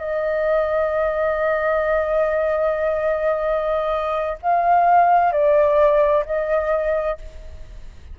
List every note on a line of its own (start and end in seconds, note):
0.00 4.38 D#5
4.43 5.32 F5
5.32 6.25 D5
6.26 7.18 D#5